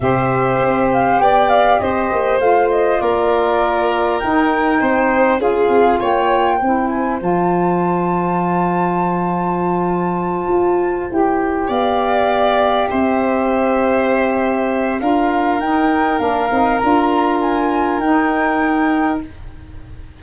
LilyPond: <<
  \new Staff \with { instrumentName = "flute" } { \time 4/4 \tempo 4 = 100 e''4. f''8 g''8 f''8 dis''4 | f''8 dis''8 d''2 g''4~ | g''4 f''4 g''4. gis''8 | a''1~ |
a''2~ a''8 g''4 f''8~ | f''4. e''2~ e''8~ | e''4 f''4 g''4 f''4 | ais''4 gis''4 g''2 | }
  \new Staff \with { instrumentName = "violin" } { \time 4/4 c''2 d''4 c''4~ | c''4 ais'2. | c''4 gis'4 cis''4 c''4~ | c''1~ |
c''2.~ c''8 d''8~ | d''4. c''2~ c''8~ | c''4 ais'2.~ | ais'1 | }
  \new Staff \with { instrumentName = "saxophone" } { \time 4/4 g'1 | f'2. dis'4~ | dis'4 f'2 e'4 | f'1~ |
f'2~ f'8 g'4.~ | g'1~ | g'4 f'4 dis'4 d'8 dis'8 | f'2 dis'2 | }
  \new Staff \with { instrumentName = "tuba" } { \time 4/4 c4 c'4 b4 c'8 ais8 | a4 ais2 dis'4 | c'4 cis'8 c'8 ais4 c'4 | f1~ |
f4. f'4 e'4 b8~ | b4. c'2~ c'8~ | c'4 d'4 dis'4 ais8 c'8 | d'2 dis'2 | }
>>